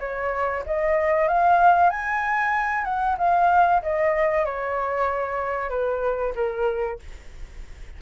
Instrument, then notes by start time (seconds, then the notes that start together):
flute
0.00 C#5
0.66 D#5
1.28 F5
1.90 G#5
2.85 F#5
3.18 F5
3.83 D#5
4.45 C#5
5.70 B4
6.36 A#4